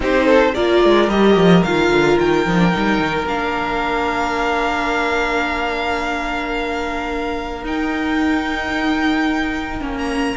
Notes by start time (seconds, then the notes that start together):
0.00 C4 D#4 G4 C5
0.25 A4
0.54 A#3 F4 A#4 D5
0.84 G#3
1.08 G3 G4 D#5
1.36 F3
1.63 D#3 F4 F5
1.90 D3
2.19 D#3 G5
2.46 F3 D#4
2.57 D4
2.71 G3 D#4
2.99 D#3
3.26 A#3 D4 F5
7.63 D#4 G5
9.80 A#3 C#4
9.98 A#5